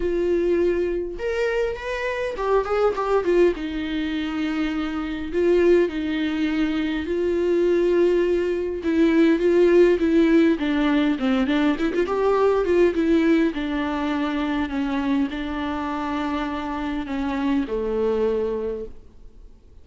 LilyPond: \new Staff \with { instrumentName = "viola" } { \time 4/4 \tempo 4 = 102 f'2 ais'4 b'4 | g'8 gis'8 g'8 f'8 dis'2~ | dis'4 f'4 dis'2 | f'2. e'4 |
f'4 e'4 d'4 c'8 d'8 | e'16 f'16 g'4 f'8 e'4 d'4~ | d'4 cis'4 d'2~ | d'4 cis'4 a2 | }